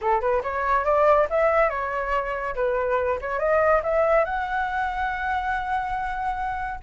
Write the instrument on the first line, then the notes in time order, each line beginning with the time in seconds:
flute
0.01 A4
0.21 B4
0.43 C#5
0.85 D5
1.29 E5
1.69 C#5
2.55 B4
3.21 C#5
3.39 D#5
3.83 E5
4.24 F#5